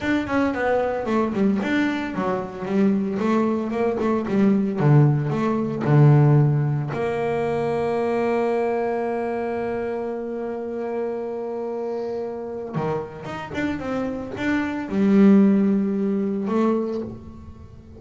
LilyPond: \new Staff \with { instrumentName = "double bass" } { \time 4/4 \tempo 4 = 113 d'8 cis'8 b4 a8 g8 d'4 | fis4 g4 a4 ais8 a8 | g4 d4 a4 d4~ | d4 ais2.~ |
ais1~ | ais1 | dis4 dis'8 d'8 c'4 d'4 | g2. a4 | }